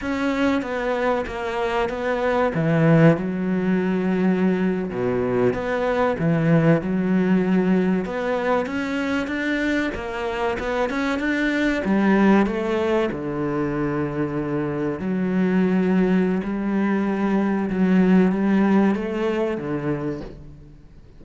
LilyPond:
\new Staff \with { instrumentName = "cello" } { \time 4/4 \tempo 4 = 95 cis'4 b4 ais4 b4 | e4 fis2~ fis8. b,16~ | b,8. b4 e4 fis4~ fis16~ | fis8. b4 cis'4 d'4 ais16~ |
ais8. b8 cis'8 d'4 g4 a16~ | a8. d2. fis16~ | fis2 g2 | fis4 g4 a4 d4 | }